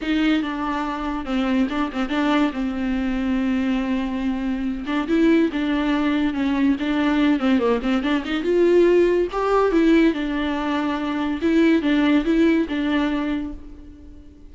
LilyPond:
\new Staff \with { instrumentName = "viola" } { \time 4/4 \tempo 4 = 142 dis'4 d'2 c'4 | d'8 c'8 d'4 c'2~ | c'2.~ c'8 d'8 | e'4 d'2 cis'4 |
d'4. c'8 ais8 c'8 d'8 dis'8 | f'2 g'4 e'4 | d'2. e'4 | d'4 e'4 d'2 | }